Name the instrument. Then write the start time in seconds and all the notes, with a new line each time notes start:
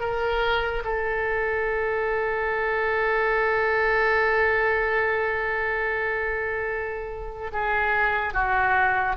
oboe
0.00 A#4
0.84 A4
7.53 G#4
8.34 F#4